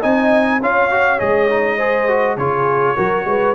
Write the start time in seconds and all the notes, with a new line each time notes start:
0.00 C4 D#4 D#5 G#5
0.61 C#4 F4 C#5 F5
0.90 F#4
1.19 G#3 G#4 D#5
1.50 D#4
1.77 G#4 C5
2.08 F#4
2.37 C#3 F4 G#4 C#5
2.96 F#3 F#4 A#4
3.25 G#3 B4